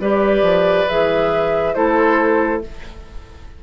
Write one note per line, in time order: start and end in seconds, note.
0.00 0.42 G3
0.00 0.88 G4
0.00 1.75 B4
0.00 0.88 D5
0.42 0.85 F3
0.88 1.76 E3
0.88 1.75 G#4
0.88 1.74 E5
1.74 2.63 A3
1.74 2.62 E4
1.74 2.62 A4
1.74 2.61 C5